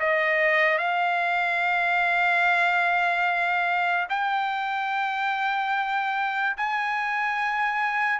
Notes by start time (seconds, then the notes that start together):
0.00 D#5
0.78 F5
4.09 G5
6.57 G#5